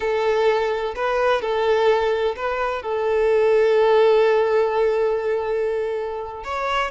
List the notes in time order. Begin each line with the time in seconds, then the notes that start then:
0.00 A4
0.95 B4
1.41 A4
2.36 B4
2.82 A4
6.44 C#5